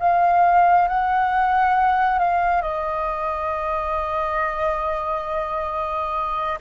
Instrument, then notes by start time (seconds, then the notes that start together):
flute
0.00 F5
0.88 F#5
2.19 F5
2.62 D#5